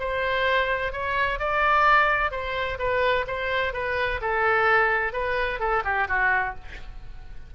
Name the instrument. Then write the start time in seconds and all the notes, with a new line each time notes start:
oboe
0.00 C5
0.93 C#5
1.40 D5
2.32 C5
2.79 B4
3.28 C5
3.74 B4
4.22 A4
5.13 B4
5.60 A4
5.85 G4
6.09 F#4